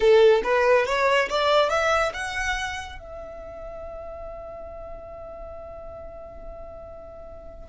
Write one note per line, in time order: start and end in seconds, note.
0.00 0.41 A4
0.43 0.86 B4
0.86 1.29 C#5
1.29 1.69 D5
1.69 2.12 E5
2.13 2.99 F#5
2.99 7.69 E5